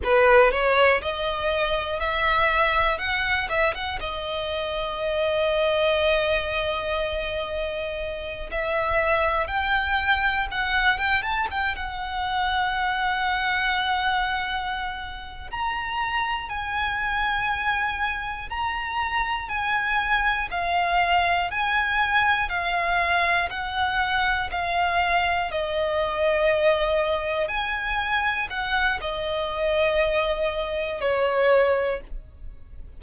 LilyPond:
\new Staff \with { instrumentName = "violin" } { \time 4/4 \tempo 4 = 60 b'8 cis''8 dis''4 e''4 fis''8 e''16 fis''16 | dis''1~ | dis''8 e''4 g''4 fis''8 g''16 a''16 g''16 fis''16~ | fis''2.~ fis''8 ais''8~ |
ais''8 gis''2 ais''4 gis''8~ | gis''8 f''4 gis''4 f''4 fis''8~ | fis''8 f''4 dis''2 gis''8~ | gis''8 fis''8 dis''2 cis''4 | }